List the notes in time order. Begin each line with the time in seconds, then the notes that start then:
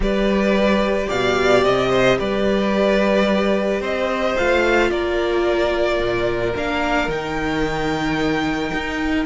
0.00 G3 G4 B4 D5
1.07 B2 D5 F5
1.63 C3 D#5
1.90 C5
2.18 G3 B4 D5
3.80 C4 C5 D#5
4.36 A3 F4 F5
4.90 A#3 A#4 D5
5.99 A#2
6.55 A#3 D4 F5
7.07 D#3 D#4 G5
8.73 D#4